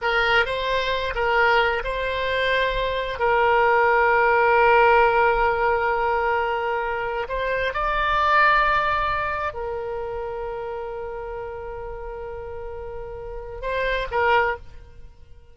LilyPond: \new Staff \with { instrumentName = "oboe" } { \time 4/4 \tempo 4 = 132 ais'4 c''4. ais'4. | c''2. ais'4~ | ais'1~ | ais'1 |
c''4 d''2.~ | d''4 ais'2.~ | ais'1~ | ais'2 c''4 ais'4 | }